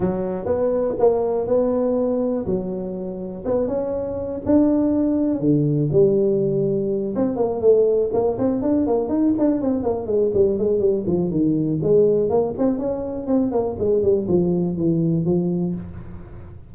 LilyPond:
\new Staff \with { instrumentName = "tuba" } { \time 4/4 \tempo 4 = 122 fis4 b4 ais4 b4~ | b4 fis2 b8 cis'8~ | cis'4 d'2 d4 | g2~ g8 c'8 ais8 a8~ |
a8 ais8 c'8 d'8 ais8 dis'8 d'8 c'8 | ais8 gis8 g8 gis8 g8 f8 dis4 | gis4 ais8 c'8 cis'4 c'8 ais8 | gis8 g8 f4 e4 f4 | }